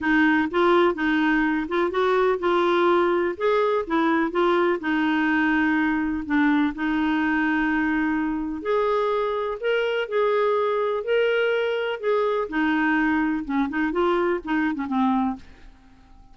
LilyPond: \new Staff \with { instrumentName = "clarinet" } { \time 4/4 \tempo 4 = 125 dis'4 f'4 dis'4. f'8 | fis'4 f'2 gis'4 | e'4 f'4 dis'2~ | dis'4 d'4 dis'2~ |
dis'2 gis'2 | ais'4 gis'2 ais'4~ | ais'4 gis'4 dis'2 | cis'8 dis'8 f'4 dis'8. cis'16 c'4 | }